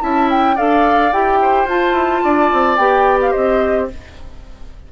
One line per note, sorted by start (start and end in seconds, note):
0.00 0.58 C#4
0.00 0.56 E4
0.00 0.55 E5
0.00 0.29 A5
0.30 0.57 G5
0.55 1.12 D4
0.55 1.12 A4
0.55 1.38 D5
0.55 1.12 F5
1.12 1.65 E4
1.12 1.68 G4
1.12 1.68 G5
1.41 2.23 C5
1.65 1.92 F4
1.65 2.79 F4
1.65 2.76 A5
1.92 2.20 E4
2.23 2.52 D4
2.23 3.31 D5
2.53 2.77 C4
2.76 3.33 B3
2.76 3.90 G4
2.76 3.18 G5
3.21 3.32 F5
3.31 3.91 C4
3.31 3.87 C5
3.31 3.87 D#5